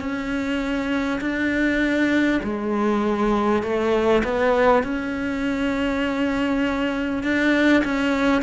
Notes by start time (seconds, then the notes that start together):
0.00 C#4
1.21 D4
2.43 G#3
3.62 A3
4.24 B3
4.83 C#4
7.23 D4
7.84 C#4